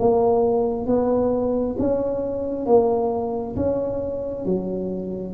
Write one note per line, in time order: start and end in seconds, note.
0.00 0.87 A#3
0.87 1.76 B3
1.79 2.66 C#4
2.66 3.56 A#3
3.56 4.45 C#4
4.45 5.34 F#3